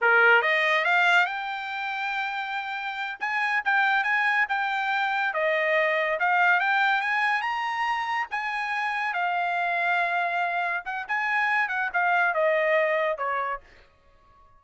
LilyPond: \new Staff \with { instrumentName = "trumpet" } { \time 4/4 \tempo 4 = 141 ais'4 dis''4 f''4 g''4~ | g''2.~ g''8 gis''8~ | gis''8 g''4 gis''4 g''4.~ | g''8 dis''2 f''4 g''8~ |
g''8 gis''4 ais''2 gis''8~ | gis''4. f''2~ f''8~ | f''4. fis''8 gis''4. fis''8 | f''4 dis''2 cis''4 | }